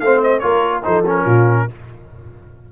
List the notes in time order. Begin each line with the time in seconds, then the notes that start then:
0.00 A3 C4 C5 F5
0.23 D#5
0.39 A#3 F4 A#4 C#5
0.83 F3 D#4 A4 C5
1.05 C#4 A#4
1.25 A#2 F4